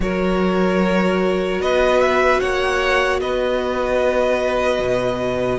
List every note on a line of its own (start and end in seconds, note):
0.00 1.59 F#3
0.00 5.58 F#4
0.00 1.62 A#4
0.00 1.61 C#5
1.59 2.39 B3
1.59 2.40 B4
1.59 2.00 D#5
2.00 2.40 E5
2.40 3.20 A#3
2.40 3.20 C#5
2.40 3.20 F#5
3.20 4.79 B3
3.20 5.58 B4
3.20 5.58 D#5
4.79 5.58 B2